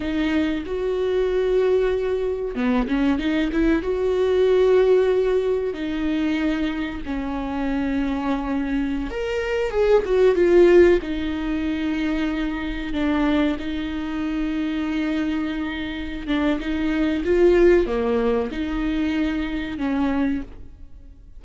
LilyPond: \new Staff \with { instrumentName = "viola" } { \time 4/4 \tempo 4 = 94 dis'4 fis'2. | b8 cis'8 dis'8 e'8 fis'2~ | fis'4 dis'2 cis'4~ | cis'2~ cis'16 ais'4 gis'8 fis'16~ |
fis'16 f'4 dis'2~ dis'8.~ | dis'16 d'4 dis'2~ dis'8.~ | dis'4. d'8 dis'4 f'4 | ais4 dis'2 cis'4 | }